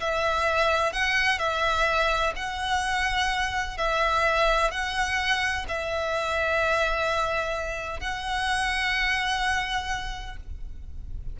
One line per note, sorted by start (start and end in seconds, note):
0.00 0.93 E5
0.93 1.39 F#5
1.39 2.33 E5
2.36 3.78 F#5
3.78 4.71 E5
4.71 5.65 F#5
5.68 8.00 E5
8.00 10.36 F#5